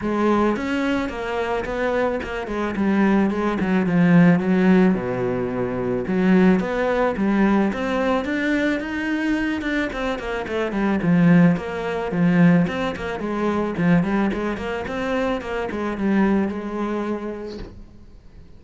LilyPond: \new Staff \with { instrumentName = "cello" } { \time 4/4 \tempo 4 = 109 gis4 cis'4 ais4 b4 | ais8 gis8 g4 gis8 fis8 f4 | fis4 b,2 fis4 | b4 g4 c'4 d'4 |
dis'4. d'8 c'8 ais8 a8 g8 | f4 ais4 f4 c'8 ais8 | gis4 f8 g8 gis8 ais8 c'4 | ais8 gis8 g4 gis2 | }